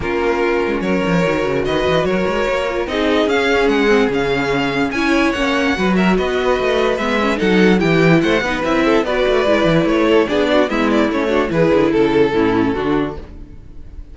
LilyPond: <<
  \new Staff \with { instrumentName = "violin" } { \time 4/4 \tempo 4 = 146 ais'2 cis''2 | dis''4 cis''2 dis''4 | f''4 fis''4 f''2 | gis''4 fis''4. e''8 dis''4~ |
dis''4 e''4 fis''4 g''4 | fis''4 e''4 d''2 | cis''4 d''4 e''8 d''8 cis''4 | b'4 a'2. | }
  \new Staff \with { instrumentName = "violin" } { \time 4/4 f'2 ais'2 | b'4 ais'2 gis'4~ | gis'1 | cis''2 b'8 ais'8 b'4~ |
b'2 a'4 g'4 | c''8 b'4 a'8 b'2~ | b'8 a'8 gis'8 fis'8 e'4. fis'8 | gis'4 a'4 e'4 fis'4 | }
  \new Staff \with { instrumentName = "viola" } { \time 4/4 cis'2. fis'4~ | fis'2~ fis'8 f'8 dis'4 | cis'4. c'8 cis'2 | e'4 cis'4 fis'2~ |
fis'4 b8 cis'8 dis'4 e'4~ | e'8 dis'8 e'4 fis'4 e'4~ | e'4 d'4 b4 cis'8 d'8 | e'2 cis'4 d'4 | }
  \new Staff \with { instrumentName = "cello" } { \time 4/4 ais4. gis8 fis8 f8 dis8 cis8 | dis8 e8 fis8 gis8 ais4 c'4 | cis'4 gis4 cis2 | cis'4 ais4 fis4 b4 |
a4 gis4 fis4 e4 | a8 b8 c'4 b8 a8 gis8 e8 | a4 b4 gis4 a4 | e8 d8 cis4 a,4 d4 | }
>>